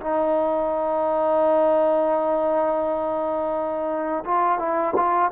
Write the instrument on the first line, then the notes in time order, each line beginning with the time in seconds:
trombone
0.00 D#4
4.24 F4
4.59 E4
4.95 F4